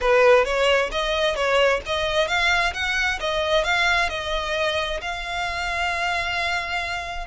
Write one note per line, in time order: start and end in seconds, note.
0.00 0.44 B4
0.44 0.90 C#5
0.91 1.35 D#5
1.35 1.81 C#5
1.86 2.27 D#5
2.27 2.73 F5
2.73 3.19 F#5
3.20 3.63 D#5
3.63 4.09 F5
4.09 5.00 D#5
5.01 7.26 F5